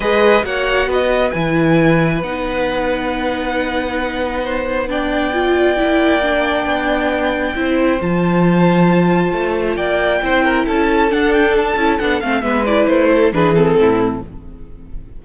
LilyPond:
<<
  \new Staff \with { instrumentName = "violin" } { \time 4/4 \tempo 4 = 135 dis''4 fis''4 dis''4 gis''4~ | gis''4 fis''2.~ | fis''2. g''4~ | g''1~ |
g''2 a''2~ | a''2 g''2 | a''4 fis''8 g''8 a''4 fis''8 f''8 | e''8 d''8 c''4 b'8 a'4. | }
  \new Staff \with { instrumentName = "violin" } { \time 4/4 b'4 cis''4 b'2~ | b'1~ | b'2 c''4 d''4~ | d''1~ |
d''4 c''2.~ | c''2 d''4 c''8 ais'8 | a'1 | b'4. a'8 gis'4 e'4 | }
  \new Staff \with { instrumentName = "viola" } { \time 4/4 gis'4 fis'2 e'4~ | e'4 dis'2.~ | dis'2. d'4 | f'4 e'4 d'2~ |
d'4 e'4 f'2~ | f'2. e'4~ | e'4 d'4. e'8 d'8 c'8 | b8 e'4. d'8 c'4. | }
  \new Staff \with { instrumentName = "cello" } { \time 4/4 gis4 ais4 b4 e4~ | e4 b2.~ | b1~ | b4 ais2 b4~ |
b4 c'4 f2~ | f4 a4 ais4 c'4 | cis'4 d'4. cis'8 b8 a8 | gis4 a4 e4 a,4 | }
>>